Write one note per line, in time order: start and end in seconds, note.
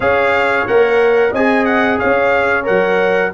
0.00 0.66 C#4
0.00 0.67 G#4
0.00 1.30 C#5
0.00 0.67 F5
0.67 1.32 A#3
0.67 1.34 A#4
0.67 1.33 F#5
1.30 1.98 C4
1.30 2.63 G#4
1.30 1.97 D#5
1.30 1.65 G#5
1.65 1.98 F#5
1.98 2.68 C#4
1.98 3.32 C#5
1.98 2.66 F5
2.63 3.33 F#3
2.63 3.30 A#4
2.63 3.33 F#5